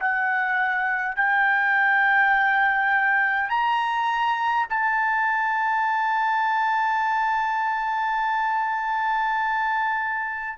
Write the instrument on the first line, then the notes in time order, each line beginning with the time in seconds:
trumpet
0.00 F#5
1.16 G5
3.50 A#5
4.70 A5